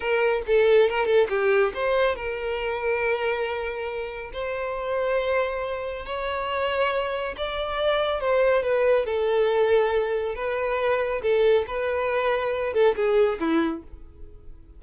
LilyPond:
\new Staff \with { instrumentName = "violin" } { \time 4/4 \tempo 4 = 139 ais'4 a'4 ais'8 a'8 g'4 | c''4 ais'2.~ | ais'2 c''2~ | c''2 cis''2~ |
cis''4 d''2 c''4 | b'4 a'2. | b'2 a'4 b'4~ | b'4. a'8 gis'4 e'4 | }